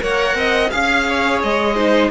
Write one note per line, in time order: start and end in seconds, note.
0.00 0.34 A#3
0.00 0.70 A#4
0.00 0.37 C#5
0.00 0.69 F#5
0.34 0.69 C4
0.34 0.71 D#5
0.69 1.43 C#4
0.69 1.76 G#4
0.69 1.39 F5
0.69 1.06 F5
1.08 1.75 C#5
1.43 2.10 G#3
1.43 2.10 D#5
1.75 2.10 D#4
1.75 2.10 C5